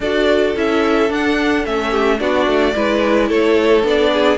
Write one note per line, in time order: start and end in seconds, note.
0.00 0.54 D4
0.00 0.56 F#4
0.00 1.90 A4
0.00 0.56 D5
0.56 1.10 C#4
0.56 1.09 E4
0.56 1.12 E5
1.09 1.64 D4
1.09 1.65 D4
1.09 1.65 F#5
1.64 2.20 A3
1.64 2.18 C#4
1.64 2.20 E5
1.90 2.17 G4
2.18 2.46 B3
2.18 2.73 D4
2.18 2.75 F#4
2.18 3.30 D5
2.46 2.74 A3
2.74 3.30 G#3
2.74 3.82 E4
2.74 3.28 B4
3.28 3.83 A3
3.28 4.10 A4
3.28 3.85 C#5
3.82 4.37 B3
3.82 4.37 D4
3.82 4.37 D5
4.12 4.37 G#4